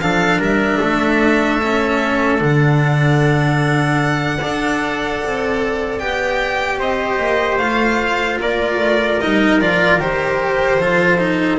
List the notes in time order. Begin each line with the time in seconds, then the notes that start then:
0.00 F3 D4 A4 F5
0.38 G3 A#4 E5
0.80 A3 A4
1.62 C#4
2.38 D3 D4 F#5
4.40 D4 A4 D5
5.24 C4
5.98 B3 G4 G5
6.77 C4 C5 D#5
7.18 A#3
7.58 A3 F4 F5
8.39 A#3 A#4 D5
8.76 A3
9.20 G3 D#4 D#5
9.60 F3 F4 D5
9.98 D#3 G4 C5
10.78 F3 F4 A4
11.18 D#4